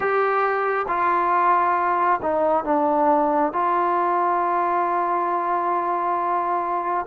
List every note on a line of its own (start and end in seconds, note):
0.00 0.86 G4
0.87 2.20 F4
2.22 2.64 D#4
2.64 3.53 D4
3.53 7.05 F4